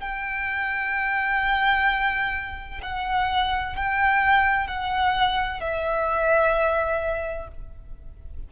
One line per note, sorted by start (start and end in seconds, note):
0.00 2.81 G5
2.83 3.76 F#5
3.76 4.67 G5
4.67 5.60 F#5
5.60 7.48 E5